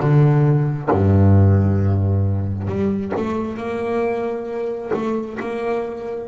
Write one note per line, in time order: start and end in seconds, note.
0.00 0.90 D3
0.91 2.68 G2
2.68 3.13 G3
3.16 3.57 A3
3.57 4.92 A#3
4.94 5.39 A3
5.40 6.28 A#3